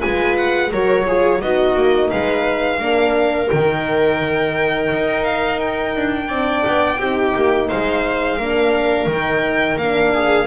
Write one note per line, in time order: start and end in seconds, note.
0.00 0.72 G#3
0.00 0.70 F4
0.00 0.70 B4
0.00 0.36 G#5
0.37 0.72 F#5
0.71 1.42 F#3
0.71 1.07 F#4
0.71 1.06 A#4
0.71 1.41 C#5
1.07 1.41 F4
1.07 1.42 G#4
1.41 1.76 B3
1.41 2.78 D#4
1.41 2.10 F#4
1.41 2.10 D#5
1.76 2.11 A#3
2.10 2.79 G#3
2.10 2.80 B4
2.10 3.50 F5
2.78 3.49 A#3
2.78 3.48 D4
2.78 6.28 A#4
3.50 4.92 D#3
3.50 6.29 D#4
3.50 5.24 G5
4.93 5.96 D#4
5.24 5.59 F5
5.59 7.68 G5
5.96 6.29 D4
6.28 6.64 C4
6.28 6.99 D4
6.28 6.98 D5
6.67 6.99 B3
6.99 7.34 C4
6.99 8.40 D#4
6.99 7.68 G4
7.36 7.70 A#3
7.68 8.38 G#3
7.68 8.37 C5
7.68 9.09 F5
8.37 9.06 A#3
8.37 9.10 D4
8.37 10.12 A#4
9.06 9.76 D#3
9.06 9.81 D#4
9.06 9.77 G5
9.77 10.46 A#3
9.77 10.47 D4
9.77 10.47 F5
10.14 10.47 G#4